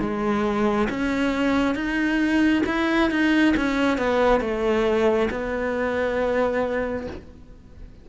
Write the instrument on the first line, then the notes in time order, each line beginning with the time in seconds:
cello
0.00 G#3
0.89 C#4
1.75 D#4
2.66 E4
3.10 D#4
3.56 C#4
3.97 B3
4.40 A3
5.30 B3